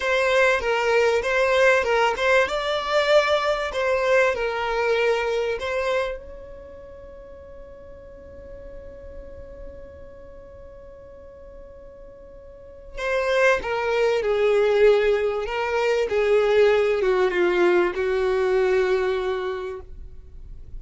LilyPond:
\new Staff \with { instrumentName = "violin" } { \time 4/4 \tempo 4 = 97 c''4 ais'4 c''4 ais'8 c''8 | d''2 c''4 ais'4~ | ais'4 c''4 cis''2~ | cis''1~ |
cis''1~ | cis''4 c''4 ais'4 gis'4~ | gis'4 ais'4 gis'4. fis'8 | f'4 fis'2. | }